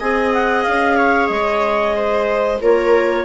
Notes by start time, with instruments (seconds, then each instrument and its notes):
0.00 bassoon C4, clarinet G#4 G#5, viola D#5
0.34 clarinet F#5
0.63 bassoon C#4, clarinet F5
0.98 viola C#5
1.28 bassoon G#3, clarinet D#5
1.96 viola C5
2.61 bassoon A#3, clarinet F4 C#5, viola A#4